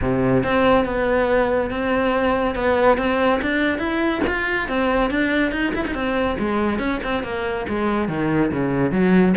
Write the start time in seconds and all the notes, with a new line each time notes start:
0.01 C3
0.43 C4
0.85 B3
1.70 C4
2.55 B3
2.97 C4
3.41 D4
3.78 E4
4.27 F4
4.68 C4
5.10 D4
5.51 D#4
5.74 E4
5.87 D#4
5.94 C4
6.38 G#3
6.79 C#4
7.03 C4
7.23 A#3
7.68 G#3
8.08 D#3
8.51 C#3
8.91 F#3